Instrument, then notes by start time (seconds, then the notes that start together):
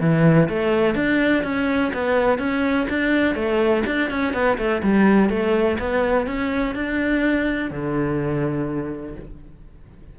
cello
0.00 E3
0.49 A3
0.95 D4
1.43 C#4
1.93 B3
2.39 C#4
2.89 D4
3.35 A3
3.86 D4
4.10 C#4
4.33 B3
4.58 A3
4.83 G3
5.29 A3
5.79 B3
6.26 C#4
6.75 D4
7.70 D3